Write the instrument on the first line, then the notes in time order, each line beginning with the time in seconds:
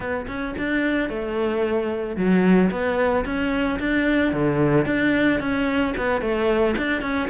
cello
0.00 B3
0.27 C#4
0.57 D4
1.09 A3
2.16 F#3
2.70 B3
3.25 C#4
3.79 D4
4.32 D3
4.85 D4
5.40 C#4
5.97 B3
6.21 A3
6.77 D4
7.01 C#4